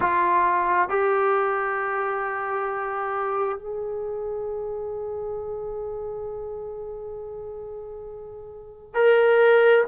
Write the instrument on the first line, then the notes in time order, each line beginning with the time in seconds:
trombone
0.00 F4
0.89 G4
3.58 G#4
8.94 A#4